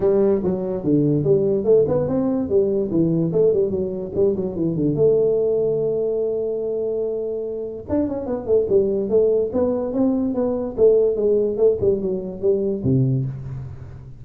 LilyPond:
\new Staff \with { instrumentName = "tuba" } { \time 4/4 \tempo 4 = 145 g4 fis4 d4 g4 | a8 b8 c'4 g4 e4 | a8 g8 fis4 g8 fis8 e8 d8 | a1~ |
a2. d'8 cis'8 | b8 a8 g4 a4 b4 | c'4 b4 a4 gis4 | a8 g8 fis4 g4 c4 | }